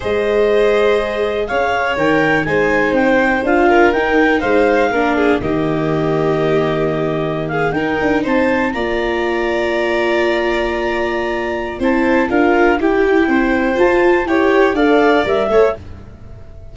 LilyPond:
<<
  \new Staff \with { instrumentName = "clarinet" } { \time 4/4 \tempo 4 = 122 dis''2. f''4 | g''4 gis''4 g''4 f''4 | g''4 f''2 dis''4~ | dis''2.~ dis''16 f''8 g''16~ |
g''8. a''4 ais''2~ ais''16~ | ais''1 | a''4 f''4 g''2 | a''4 g''4 f''4 e''4 | }
  \new Staff \with { instrumentName = "violin" } { \time 4/4 c''2. cis''4~ | cis''4 c''2~ c''8 ais'8~ | ais'4 c''4 ais'8 gis'8 g'4~ | g'2.~ g'16 gis'8 ais'16~ |
ais'8. c''4 d''2~ d''16~ | d''1 | c''4 ais'4 g'4 c''4~ | c''4 cis''4 d''4. cis''8 | }
  \new Staff \with { instrumentName = "viola" } { \time 4/4 gis'1 | ais'4 dis'2 f'4 | dis'2 d'4 ais4~ | ais2.~ ais8. dis'16~ |
dis'4.~ dis'16 f'2~ f'16~ | f'1 | e'4 f'4 e'2 | f'4 g'4 a'4 ais'8 a'8 | }
  \new Staff \with { instrumentName = "tuba" } { \time 4/4 gis2. cis'4 | dis4 gis4 c'4 d'4 | dis'4 gis4 ais4 dis4~ | dis2.~ dis8. dis'16~ |
dis'16 d'8 c'4 ais2~ ais16~ | ais1 | c'4 d'4 e'4 c'4 | f'4 e'4 d'4 g8 a8 | }
>>